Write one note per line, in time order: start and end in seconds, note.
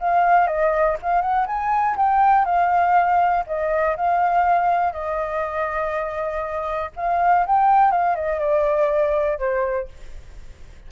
0.00 0.47 F5
0.47 0.97 D#5
1.02 1.22 F5
1.22 1.47 F#5
1.47 1.96 G#5
1.97 2.45 G5
2.45 3.44 F5
3.47 3.96 D#5
3.97 4.93 F5
4.93 6.91 D#5
6.96 7.46 F5
7.47 7.92 G5
7.92 8.16 F5
8.16 8.40 D#5
8.40 9.39 D5
9.39 9.88 C5